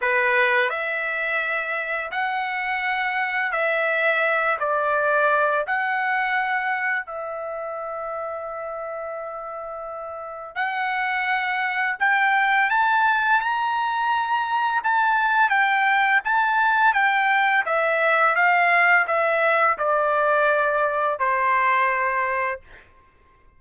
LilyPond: \new Staff \with { instrumentName = "trumpet" } { \time 4/4 \tempo 4 = 85 b'4 e''2 fis''4~ | fis''4 e''4. d''4. | fis''2 e''2~ | e''2. fis''4~ |
fis''4 g''4 a''4 ais''4~ | ais''4 a''4 g''4 a''4 | g''4 e''4 f''4 e''4 | d''2 c''2 | }